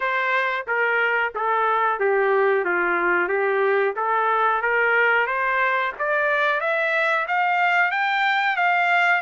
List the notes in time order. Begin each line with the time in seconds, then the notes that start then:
0.00 C5
0.67 A#4
1.35 A4
1.99 G4
2.64 F4
3.28 G4
3.96 A4
4.62 A#4
5.27 C5
5.98 D5
6.60 E5
7.27 F5
7.91 G5
8.56 F5